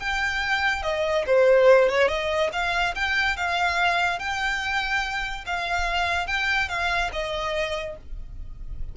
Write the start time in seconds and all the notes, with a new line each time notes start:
0.00 G5
0.83 D#5
1.27 C5
1.90 C#5
2.09 D#5
2.53 F5
2.95 G5
3.37 F5
4.19 G5
5.47 F5
6.27 G5
6.69 F5
7.13 D#5